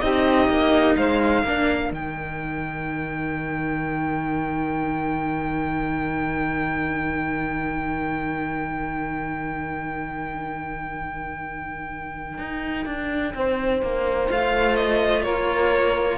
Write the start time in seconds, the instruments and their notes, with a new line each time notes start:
0.00 cello C4 D#4, saxophone G4, violin D#5
0.48 cello A#3
0.96 cello G#3, saxophone C5, violin F5
1.43 cello A#3 D4, saxophone A#4
1.91 cello D#3 D#4, violin G5
12.38 cello D#4
12.86 cello D4
13.34 cello C4, saxophone C5
13.82 cello A#3
14.29 cello A3 F4, violin F5
14.75 violin D#5
15.23 cello A#3, saxophone A#4, violin C#5